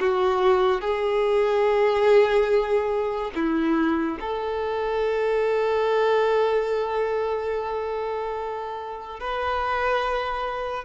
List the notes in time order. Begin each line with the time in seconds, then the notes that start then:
0.00 F#4
0.81 G#4
3.35 E4
4.20 A4
9.20 B4